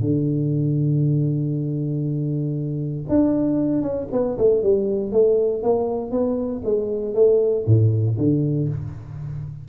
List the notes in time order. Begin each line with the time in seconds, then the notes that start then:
0.00 D3
3.09 D4
3.82 C#4
4.12 B3
4.38 A3
4.62 G3
5.12 A3
5.62 A#3
6.11 B3
6.64 G#3
7.14 A3
7.66 A2
8.17 D3